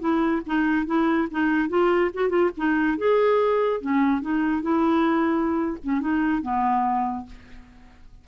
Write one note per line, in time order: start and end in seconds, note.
0.00 0.42 E4
0.46 0.86 D#4
0.86 1.28 E4
1.31 1.69 D#4
1.69 2.11 F4
2.14 2.29 F#4
2.29 2.50 F4
2.57 2.98 D#4
2.98 3.81 G#4
3.81 4.22 C#4
4.22 4.62 D#4
4.62 5.78 E4
5.84 6.01 C#4
6.01 6.42 D#4
6.42 7.26 B3